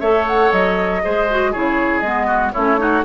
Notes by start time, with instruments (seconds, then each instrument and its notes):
0.00 bassoon A3, clarinet A4, oboe C#5, flute E5
0.27 flute F#5
0.52 bassoon F#3, flute D#5
1.03 bassoon G#3, clarinet G#4, oboe C5
1.30 clarinet F#4
1.52 bassoon C#3, clarinet E4, oboe G#4, flute C#5
2.00 bassoon G#3, clarinet B3, flute D#5
2.27 oboe F#4
2.53 bassoon A3, clarinet C#4, oboe E4, flute C#5
2.78 clarinet D#4, oboe F#4